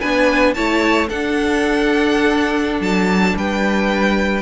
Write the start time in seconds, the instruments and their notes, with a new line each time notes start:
0.00 cello B3, viola D4, violin B4 G#5
0.53 cello A3, viola E4, violin C#5 A5
1.08 viola D4, cello D4, violin A4 F#5
2.80 cello F#3, violin A5
3.35 cello G3, violin B4 G5